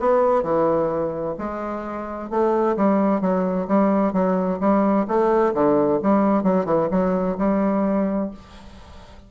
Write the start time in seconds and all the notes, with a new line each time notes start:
0.00 B3
0.43 E3
1.38 G#3
2.30 A3
2.77 G3
3.21 F#3
3.68 G3
4.13 F#3
4.60 G3
5.08 A3
5.54 D3
6.03 G3
6.44 F#3
6.65 E3
6.91 F#3
7.38 G3